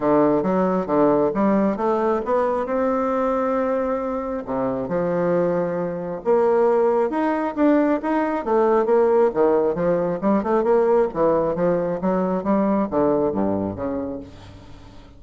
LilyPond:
\new Staff \with { instrumentName = "bassoon" } { \time 4/4 \tempo 4 = 135 d4 fis4 d4 g4 | a4 b4 c'2~ | c'2 c4 f4~ | f2 ais2 |
dis'4 d'4 dis'4 a4 | ais4 dis4 f4 g8 a8 | ais4 e4 f4 fis4 | g4 d4 g,4 cis4 | }